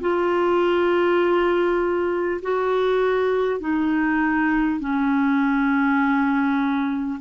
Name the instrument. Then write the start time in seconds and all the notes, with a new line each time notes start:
clarinet
0.00 F4
2.42 F#4
3.59 D#4
4.80 C#4